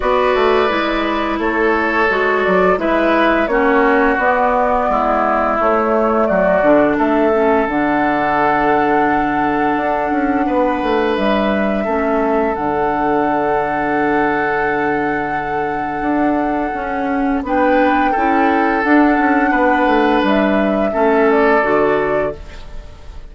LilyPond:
<<
  \new Staff \with { instrumentName = "flute" } { \time 4/4 \tempo 4 = 86 d''2 cis''4. d''8 | e''4 cis''4 d''2 | cis''4 d''4 e''4 fis''4~ | fis''1 |
e''2 fis''2~ | fis''1~ | fis''4 g''2 fis''4~ | fis''4 e''4. d''4. | }
  \new Staff \with { instrumentName = "oboe" } { \time 4/4 b'2 a'2 | b'4 fis'2 e'4~ | e'4 fis'4 a'2~ | a'2. b'4~ |
b'4 a'2.~ | a'1~ | a'4 b'4 a'2 | b'2 a'2 | }
  \new Staff \with { instrumentName = "clarinet" } { \time 4/4 fis'4 e'2 fis'4 | e'4 cis'4 b2 | a4. d'4 cis'8 d'4~ | d'1~ |
d'4 cis'4 d'2~ | d'1 | cis'4 d'4 e'4 d'4~ | d'2 cis'4 fis'4 | }
  \new Staff \with { instrumentName = "bassoon" } { \time 4/4 b8 a8 gis4 a4 gis8 fis8 | gis4 ais4 b4 gis4 | a4 fis8 d8 a4 d4~ | d2 d'8 cis'8 b8 a8 |
g4 a4 d2~ | d2. d'4 | cis'4 b4 cis'4 d'8 cis'8 | b8 a8 g4 a4 d4 | }
>>